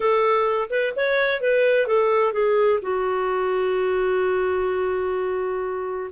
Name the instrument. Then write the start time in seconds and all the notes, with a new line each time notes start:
clarinet
0.00 A4
0.70 B4
0.95 C#5
1.40 B4
1.86 A4
2.32 G#4
2.81 F#4